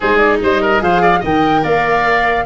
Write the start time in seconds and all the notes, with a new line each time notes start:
0.00 G#3 D#4 G#4 C5
0.17 D5
0.41 G3 C5 D#5
0.61 A#4
0.79 F3 G#4 C5 F5
1.01 D5
1.19 D#3 A#4 D#5 G5
1.63 A#3 D5 F5